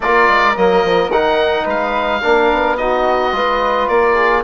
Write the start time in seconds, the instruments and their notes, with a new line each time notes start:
0.00 bassoon A#3, trombone F4, flute A#4, oboe D5
0.28 bassoon G#3
0.55 bassoon F#3, trombone A#3, oboe D#5
0.84 bassoon F3
1.08 bassoon D#3, trombone D#4, oboe F#5
1.64 bassoon G#3, flute B4, oboe F5
2.21 bassoon A#3, trombone D4, flute A#4
2.52 bassoon B3
2.77 trombone D#4, flute F#4, oboe D#5
3.32 bassoon G#3, trombone F4, flute B4
3.88 bassoon A#3, flute A#4, oboe D5
4.14 flute G#4